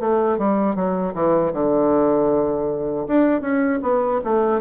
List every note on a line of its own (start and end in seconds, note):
0.00 0.38 A3
0.38 0.75 G3
0.75 1.14 F#3
1.14 1.52 E3
1.53 3.07 D3
3.07 3.41 D4
3.41 3.80 C#4
3.83 4.21 B3
4.24 4.61 A3